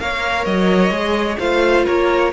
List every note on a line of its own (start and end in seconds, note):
0.00 0.47 A#3
0.00 0.92 A#4
0.00 1.39 C#5
0.00 0.45 F5
0.45 0.90 F#3
0.45 1.38 D#5
0.90 1.37 G#3
0.90 1.39 G#4
1.39 1.86 A3
1.39 2.33 F4
1.39 1.86 C5
1.39 1.86 F5
1.86 2.33 A#3
1.86 2.32 A#4
1.86 2.33 C#5